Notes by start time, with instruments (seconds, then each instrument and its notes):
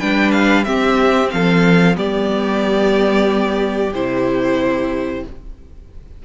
0.00 cello G3, viola D4, violin B4 G5
0.31 violin F5
0.64 viola C4, cello C4, violin G4 E5
1.30 cello F3, violin A4 F5
1.95 cello G3, viola B3, violin G4 D5
3.93 cello C3, viola E4, violin C5